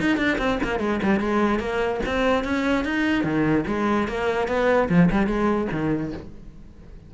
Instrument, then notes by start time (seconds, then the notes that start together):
cello
0.00 D#4
0.17 D4
0.38 C4
0.63 A#3
0.79 G#3
1.02 G3
1.20 G#3
1.60 A#3
2.06 C4
2.44 C#4
2.85 D#4
3.24 D#3
3.67 G#3
4.08 A#3
4.48 B3
4.89 F3
5.11 G3
5.27 G#3
5.72 D#3